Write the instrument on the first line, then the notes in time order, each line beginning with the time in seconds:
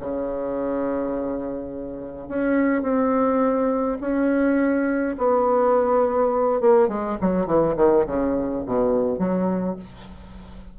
bassoon
0.00 C#3
2.28 C#4
2.83 C4
4.01 C#4
5.18 B3
6.61 A#3
6.89 G#3
7.21 F#3
7.47 E3
7.76 D#3
8.06 C#3
8.66 B2
9.19 F#3